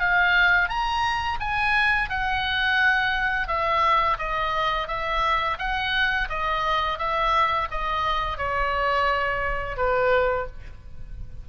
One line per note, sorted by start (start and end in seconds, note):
0.00 0.69 F5
0.69 1.39 A#5
1.40 2.10 G#5
2.10 3.48 F#5
3.48 4.18 E5
4.19 4.88 D#5
4.88 5.58 E5
5.59 6.29 F#5
6.30 6.99 D#5
6.99 7.69 E5
7.71 8.38 D#5
8.38 9.77 C#5
9.77 10.47 B4